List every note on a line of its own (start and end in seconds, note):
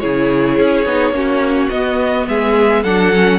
0.00 0.59 C#3
0.00 0.86 E4
0.00 1.15 G#4
0.00 1.70 C#5
0.59 0.86 C#4
0.86 1.11 B3
0.86 1.13 D#4
1.11 1.68 A#3
1.11 1.70 C#4
1.11 2.29 F#4
1.70 2.28 B3
1.70 2.85 B3
1.70 2.26 D#5
2.28 2.84 G#3
2.28 2.83 G#4
2.28 2.84 E5
2.83 3.39 F#3
2.83 3.14 D4
2.83 3.39 A4
2.83 3.39 F#5
3.15 3.39 C#4